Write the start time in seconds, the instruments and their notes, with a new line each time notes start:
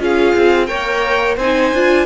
0.00 cello C#4, viola F4, violin G#4 F5
0.36 cello C4
0.67 cello A#3, viola A#4, violin C#5 G5
1.37 cello C4, viola D#4, violin C5 G#5
1.74 cello D4, viola F4